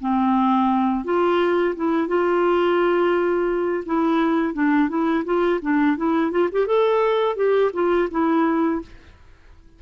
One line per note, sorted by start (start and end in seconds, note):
0.00 1.04 C4
1.04 1.75 F4
1.75 2.07 E4
2.07 3.84 F4
3.85 4.53 E4
4.53 4.88 D4
4.88 5.24 E4
5.24 5.60 F4
5.61 5.96 D4
5.96 6.31 E4
6.31 6.48 F4
6.51 6.66 G4
6.66 7.35 A4
7.35 7.71 G4
7.73 8.08 F4
8.10 8.81 E4